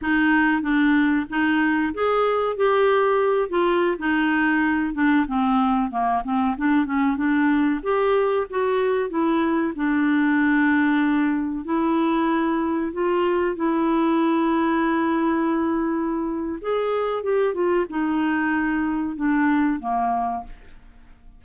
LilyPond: \new Staff \with { instrumentName = "clarinet" } { \time 4/4 \tempo 4 = 94 dis'4 d'4 dis'4 gis'4 | g'4. f'8. dis'4. d'16~ | d'16 c'4 ais8 c'8 d'8 cis'8 d'8.~ | d'16 g'4 fis'4 e'4 d'8.~ |
d'2~ d'16 e'4.~ e'16~ | e'16 f'4 e'2~ e'8.~ | e'2 gis'4 g'8 f'8 | dis'2 d'4 ais4 | }